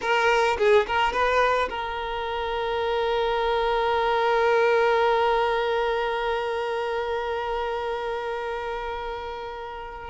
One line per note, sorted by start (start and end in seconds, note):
0.01 0.57 A#4
0.58 0.86 G#4
0.86 1.12 A#4
1.12 1.68 B4
1.69 10.10 A#4